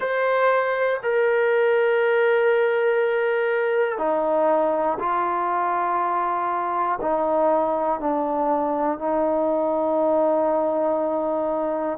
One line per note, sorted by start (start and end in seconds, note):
0.00 1.00 C5
1.03 3.98 A#4
3.98 4.98 D#4
4.99 6.99 F4
7.01 8.00 D#4
8.00 8.98 D4
8.98 11.98 D#4